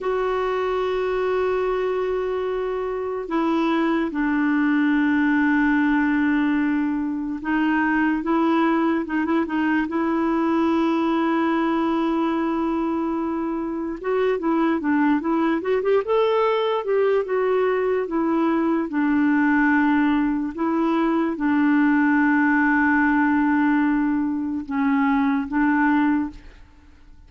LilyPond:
\new Staff \with { instrumentName = "clarinet" } { \time 4/4 \tempo 4 = 73 fis'1 | e'4 d'2.~ | d'4 dis'4 e'4 dis'16 e'16 dis'8 | e'1~ |
e'4 fis'8 e'8 d'8 e'8 fis'16 g'16 a'8~ | a'8 g'8 fis'4 e'4 d'4~ | d'4 e'4 d'2~ | d'2 cis'4 d'4 | }